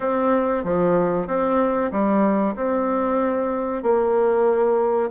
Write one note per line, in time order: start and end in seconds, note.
0.00 0.64 C4
0.64 1.27 F3
1.27 1.91 C4
1.91 2.55 G3
2.55 3.82 C4
3.82 5.10 A#3